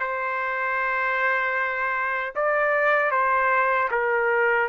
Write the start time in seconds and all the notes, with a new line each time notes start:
0.00 C5
2.36 D5
3.11 C5
3.91 A#4